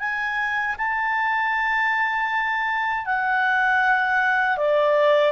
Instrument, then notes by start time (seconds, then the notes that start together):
clarinet
0.00 G#5
0.78 A5
3.06 F#5
4.58 D5